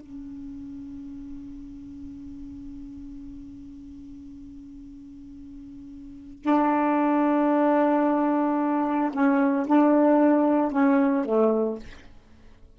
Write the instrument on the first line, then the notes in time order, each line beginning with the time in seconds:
saxophone
0.00 C#4
6.43 D4
9.13 C#4
9.67 D4
10.72 C#4
11.25 A3